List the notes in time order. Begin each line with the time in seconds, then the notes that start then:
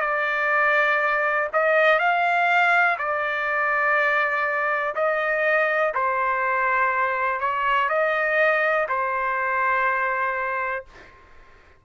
0.00 D5
1.53 D#5
1.99 F5
2.98 D5
4.94 D#5
5.94 C5
7.40 C#5
7.89 D#5
8.88 C5